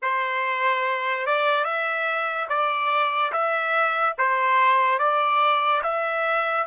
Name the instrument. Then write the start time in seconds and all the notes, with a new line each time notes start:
trumpet
0.02 C5
1.26 D5
1.64 E5
2.48 D5
3.32 E5
4.17 C5
4.98 D5
5.83 E5